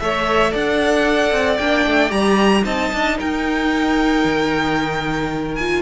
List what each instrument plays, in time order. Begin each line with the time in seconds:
0.00 cello A3, viola A4, violin C#5 E5
0.51 cello D4, violin D5 F#5
1.32 cello C4
1.58 cello A#3, viola D4, violin G5
1.86 cello A3
2.10 cello G3, viola G4, violin A#5
2.62 cello C4, viola D#4, violin D#5 A5
2.93 cello D4
3.18 cello D#4, violin A#4 G5
4.24 cello D#3
5.55 viola F4, violin G#5